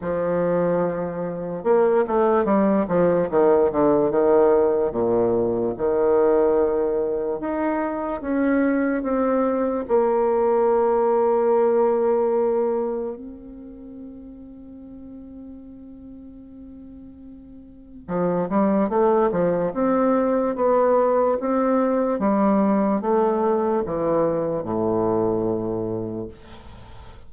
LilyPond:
\new Staff \with { instrumentName = "bassoon" } { \time 4/4 \tempo 4 = 73 f2 ais8 a8 g8 f8 | dis8 d8 dis4 ais,4 dis4~ | dis4 dis'4 cis'4 c'4 | ais1 |
c'1~ | c'2 f8 g8 a8 f8 | c'4 b4 c'4 g4 | a4 e4 a,2 | }